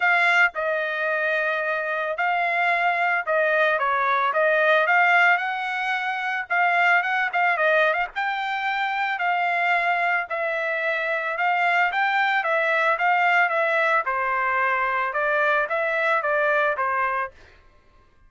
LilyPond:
\new Staff \with { instrumentName = "trumpet" } { \time 4/4 \tempo 4 = 111 f''4 dis''2. | f''2 dis''4 cis''4 | dis''4 f''4 fis''2 | f''4 fis''8 f''8 dis''8. f''16 g''4~ |
g''4 f''2 e''4~ | e''4 f''4 g''4 e''4 | f''4 e''4 c''2 | d''4 e''4 d''4 c''4 | }